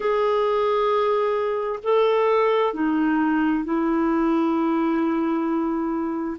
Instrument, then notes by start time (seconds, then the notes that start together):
clarinet
0.00 G#4
1.83 A4
2.73 D#4
3.64 E4